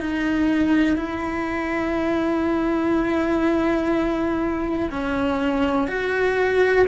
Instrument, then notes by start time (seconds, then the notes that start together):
cello
0.00 D#4
0.97 E4
4.91 C#4
5.87 F#4